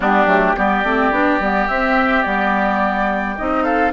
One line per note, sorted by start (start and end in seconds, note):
0.00 0.25 G3
0.00 0.27 B3
0.00 0.56 D4
0.00 0.58 G4
0.25 0.53 F#3
0.25 0.55 A3
0.56 0.83 G3
0.56 0.84 B3
0.56 3.63 G4
0.56 1.67 D5
0.83 1.11 A3
0.83 1.12 C4
1.11 1.39 B3
1.11 1.40 D4
1.39 1.67 G3
1.39 1.69 B3
1.67 2.25 C4
1.67 2.23 C4
1.67 2.22 E5
2.22 3.37 G3
2.22 3.36 B3
2.22 3.34 D5
3.36 3.93 C4
3.36 3.93 D#4
3.36 3.63 D#5
3.63 3.91 A4
3.63 3.91 F5